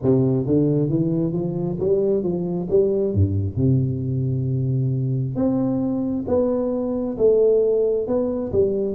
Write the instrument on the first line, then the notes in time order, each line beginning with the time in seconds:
tuba
0.02 C3
0.46 D3
0.89 E3
1.32 F3
1.79 G3
2.23 F3
2.69 G3
3.14 G2
3.56 C3
5.35 C4
6.27 B3
7.17 A3
8.07 B3
8.52 G3